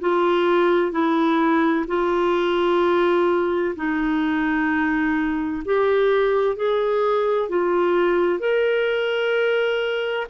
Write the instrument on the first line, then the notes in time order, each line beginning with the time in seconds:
clarinet
0.00 F4
0.92 E4
1.87 F4
3.76 D#4
5.65 G4
6.56 G#4
7.49 F4
8.39 A#4